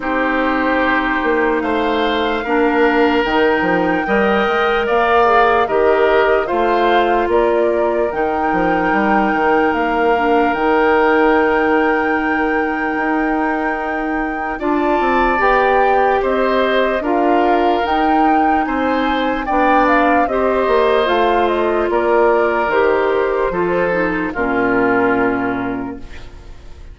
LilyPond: <<
  \new Staff \with { instrumentName = "flute" } { \time 4/4 \tempo 4 = 74 c''2 f''2 | g''2 f''4 dis''4 | f''4 d''4 g''2 | f''4 g''2.~ |
g''2 a''4 g''4 | dis''4 f''4 g''4 gis''4 | g''8 f''8 dis''4 f''8 dis''8 d''4 | c''2 ais'2 | }
  \new Staff \with { instrumentName = "oboe" } { \time 4/4 g'2 c''4 ais'4~ | ais'4 dis''4 d''4 ais'4 | c''4 ais'2.~ | ais'1~ |
ais'2 d''2 | c''4 ais'2 c''4 | d''4 c''2 ais'4~ | ais'4 a'4 f'2 | }
  \new Staff \with { instrumentName = "clarinet" } { \time 4/4 dis'2. d'4 | dis'4 ais'4. gis'8 g'4 | f'2 dis'2~ | dis'8 d'8 dis'2.~ |
dis'2 f'4 g'4~ | g'4 f'4 dis'2 | d'4 g'4 f'2 | g'4 f'8 dis'8 cis'2 | }
  \new Staff \with { instrumentName = "bassoon" } { \time 4/4 c'4. ais8 a4 ais4 | dis8 f8 g8 gis8 ais4 dis4 | a4 ais4 dis8 f8 g8 dis8 | ais4 dis2. |
dis'2 d'8 c'8 b4 | c'4 d'4 dis'4 c'4 | b4 c'8 ais8 a4 ais4 | dis4 f4 ais,2 | }
>>